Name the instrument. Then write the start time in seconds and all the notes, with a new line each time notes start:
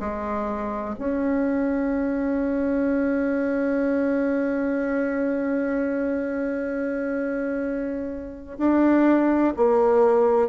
bassoon
0.00 G#3
0.99 C#4
8.58 D4
9.57 A#3